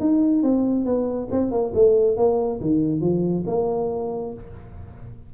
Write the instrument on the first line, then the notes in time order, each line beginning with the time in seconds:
tuba
0.00 D#4
0.42 C4
0.85 B3
1.31 C4
1.51 A#3
1.75 A3
2.17 A#3
2.61 D#3
3.01 F3
3.46 A#3